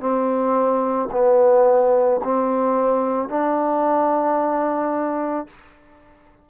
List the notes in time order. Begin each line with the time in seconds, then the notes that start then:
0.00 C4
1.12 B3
2.24 C4
3.29 D4